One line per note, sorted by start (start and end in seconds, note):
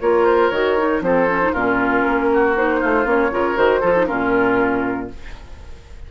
0.00 0.50 A#3
0.00 0.52 F4
0.00 1.03 A#4
0.00 0.25 C#5
0.25 0.50 C5
0.50 1.00 D#3
0.50 0.77 F#4
0.50 1.01 C#5
0.77 1.02 D#4
1.00 1.51 F3
1.00 1.27 C4
1.00 1.52 A4
1.00 1.53 C5
1.28 1.41 C#4
1.41 1.54 D#4
1.52 2.04 A#2
1.52 2.56 C#4
1.52 2.28 F4
1.52 2.55 A#4
2.07 2.83 A#3
2.33 2.80 F#4
2.56 3.04 D#4
2.56 3.07 C5
2.80 3.05 A3
2.80 3.31 F4
3.04 3.30 A#3
3.04 3.29 C#4
3.04 3.57 C#5
3.31 3.56 C#3
3.31 3.55 F4
3.31 3.80 A#4
3.55 3.82 D#3
3.55 3.80 F#4
3.55 4.06 C5
3.80 4.08 F3
3.80 3.95 F4
3.80 4.05 A4
3.95 4.07 D#4
4.06 5.11 A#2
4.06 5.09 C#4
4.06 5.08 F4
4.06 5.08 A#4